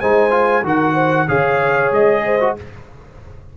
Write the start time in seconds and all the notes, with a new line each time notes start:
0.00 G#3 D#4 C5 G#5
0.30 F4
0.63 D#3 F#4 A#4 F#5
0.94 C5
1.28 C#3 G#4 C#5 F5
1.91 G#3 D#5
2.25 C5
2.40 F#4